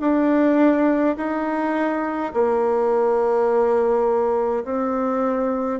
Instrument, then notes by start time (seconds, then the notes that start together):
bassoon
0.00 D4
1.16 D#4
2.33 A#3
4.64 C4